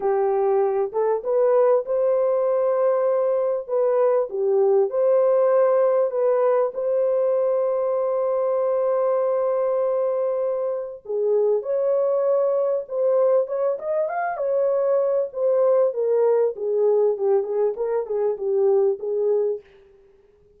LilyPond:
\new Staff \with { instrumentName = "horn" } { \time 4/4 \tempo 4 = 98 g'4. a'8 b'4 c''4~ | c''2 b'4 g'4 | c''2 b'4 c''4~ | c''1~ |
c''2 gis'4 cis''4~ | cis''4 c''4 cis''8 dis''8 f''8 cis''8~ | cis''4 c''4 ais'4 gis'4 | g'8 gis'8 ais'8 gis'8 g'4 gis'4 | }